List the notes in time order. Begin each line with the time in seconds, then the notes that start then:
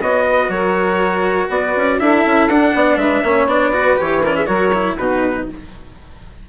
0.00 B3 F#4 C#5 D#5
0.28 B4
0.48 F#3 A#4 C#5
1.49 B3 B4 D5
1.76 C#4
1.99 D4 E4 A4 E5
2.25 C#4
2.48 D4 F#5
2.74 B3 D5
2.96 G#3 B4 E5
3.23 A#3 C#4 C#5
3.46 B3 D4 D5
3.72 F#4 B4
3.96 E3 G4 C#5
4.22 C#4 A#4 D5
4.36 G#4 E5
4.45 F#3 F#4 A#4 C#5
4.74 E4
4.96 B2 D#4 F#4 B4